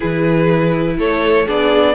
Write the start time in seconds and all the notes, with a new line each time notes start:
0.00 E3 E4 G#4 B4
0.97 A3 A4 C#5
1.46 B3 D4 G#4 D5